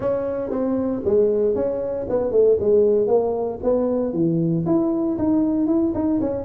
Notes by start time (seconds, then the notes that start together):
0.00 C#4
0.50 C4
1.05 G#3
1.55 C#4
2.09 B3
2.31 A3
2.60 G#3
3.07 A#3
3.63 B3
4.13 E3
4.66 E4
5.18 D#4
5.66 E4
5.94 D#4
6.20 C#4